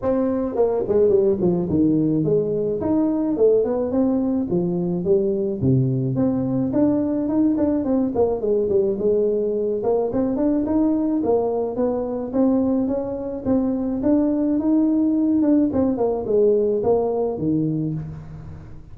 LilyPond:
\new Staff \with { instrumentName = "tuba" } { \time 4/4 \tempo 4 = 107 c'4 ais8 gis8 g8 f8 dis4 | gis4 dis'4 a8 b8 c'4 | f4 g4 c4 c'4 | d'4 dis'8 d'8 c'8 ais8 gis8 g8 |
gis4. ais8 c'8 d'8 dis'4 | ais4 b4 c'4 cis'4 | c'4 d'4 dis'4. d'8 | c'8 ais8 gis4 ais4 dis4 | }